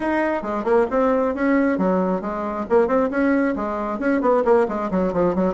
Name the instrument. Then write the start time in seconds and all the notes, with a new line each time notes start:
bassoon
0.00 D#4
0.42 G#3
0.64 A#3
0.90 C4
1.35 C#4
1.78 F#3
2.21 G#3
2.69 A#3
2.87 C4
3.10 C#4
3.56 G#3
3.99 C#4
4.21 B3
4.44 A#3
4.68 G#3
4.91 F#3
5.13 F3
5.35 F#3